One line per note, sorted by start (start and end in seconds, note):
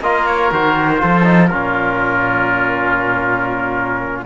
0.00 0.50 A#3
0.00 0.53 F4
0.00 1.02 A#4
0.00 0.27 D#5
0.27 0.52 C#5
0.52 1.02 D#3
0.52 0.97 F#4
0.52 1.47 C5
0.97 1.22 F4
0.97 1.50 A4
1.03 1.51 F3
1.24 1.49 D#4
1.47 4.26 A#2
1.47 4.26 C#4
1.47 4.25 F4
1.47 4.22 A#4